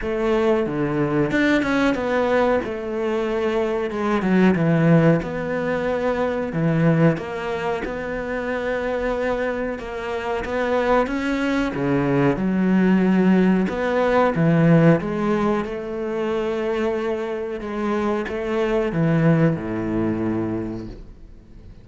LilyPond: \new Staff \with { instrumentName = "cello" } { \time 4/4 \tempo 4 = 92 a4 d4 d'8 cis'8 b4 | a2 gis8 fis8 e4 | b2 e4 ais4 | b2. ais4 |
b4 cis'4 cis4 fis4~ | fis4 b4 e4 gis4 | a2. gis4 | a4 e4 a,2 | }